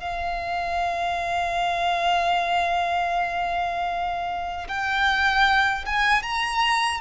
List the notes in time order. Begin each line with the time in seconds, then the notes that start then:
0.00 F5
4.69 G5
5.86 G#5
6.23 A#5